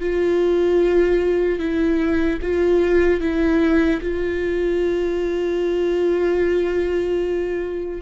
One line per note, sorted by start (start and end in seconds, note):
0.00 1.59 F4
1.59 2.39 E4
2.41 3.20 F4
3.20 4.00 E4
4.01 8.01 F4